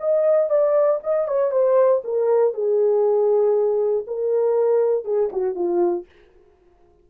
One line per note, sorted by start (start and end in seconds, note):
0.00 0.50 D#5
0.50 1.00 D5
1.04 1.28 D#5
1.28 1.52 C#5
1.52 2.02 C5
2.04 2.54 A#4
2.54 4.05 G#4
4.07 5.05 A#4
5.05 5.30 G#4
5.33 5.55 F#4
5.55 6.05 F4